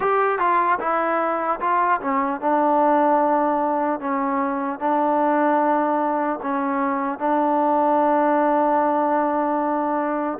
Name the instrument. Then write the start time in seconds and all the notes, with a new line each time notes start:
trombone
0.00 G4
0.39 F4
0.79 E4
1.60 F4
2.00 C#4
2.40 D4
4.00 C#4
4.79 D4
6.42 C#4
7.19 D4